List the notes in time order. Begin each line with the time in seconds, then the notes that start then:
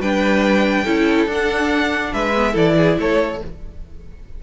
0.00 G3 D4 B4 G5
0.84 C#4 E4 A4
1.26 D4 F#5
2.13 G#3 B4 E5
2.36 B3
2.52 E3 E4 A4 D5
2.77 G#4
2.99 A3 A4 C#5